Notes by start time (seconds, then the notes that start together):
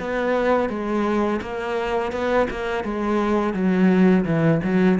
0.00 B3
0.69 G#3
1.42 A#3
2.12 B3
2.50 A#3
2.84 G#3
3.54 F#3
4.25 E3
4.63 F#3